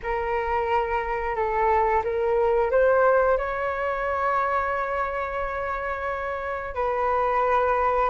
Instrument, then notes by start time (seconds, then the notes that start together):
flute
0.02 A#4
1.35 A4
2.04 A#4
2.70 C5
3.37 C#5
6.74 B4